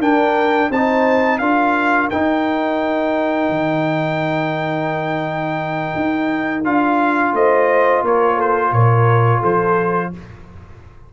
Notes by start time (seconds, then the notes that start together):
0.00 D4 A#4 G5
0.71 C4 D#4 C5 A5
1.39 D4 F4 A#4 F5
2.10 D#4 G5
3.50 D#3
5.96 D#4
6.65 D4 F4 F5
7.34 A3 C5 D#5
8.03 A#3 A#4 C#5
8.36 A4 C5
8.72 A#2 A#4 C#5
9.41 F3 A4 C5